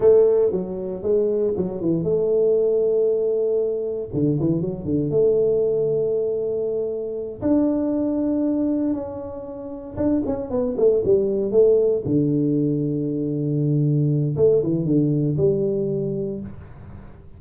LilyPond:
\new Staff \with { instrumentName = "tuba" } { \time 4/4 \tempo 4 = 117 a4 fis4 gis4 fis8 e8 | a1 | d8 e8 fis8 d8 a2~ | a2~ a8 d'4.~ |
d'4. cis'2 d'8 | cis'8 b8 a8 g4 a4 d8~ | d1 | a8 e8 d4 g2 | }